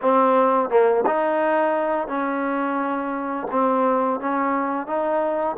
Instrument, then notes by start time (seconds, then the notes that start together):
trombone
0.01 C4
0.69 A#3
1.06 D#4
2.07 C#4
3.50 C4
4.20 C#4
4.86 D#4